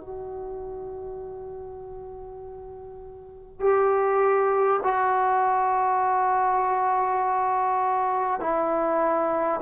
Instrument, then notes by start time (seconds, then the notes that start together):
trombone
0.00 F#4
3.60 G4
4.83 F#4
8.40 E4